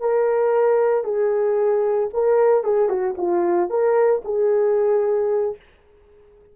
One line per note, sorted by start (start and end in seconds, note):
0.00 1.04 A#4
1.04 2.09 G#4
2.13 2.63 A#4
2.63 2.89 G#4
2.89 3.15 F#4
3.17 3.69 F4
3.69 4.22 A#4
4.24 5.56 G#4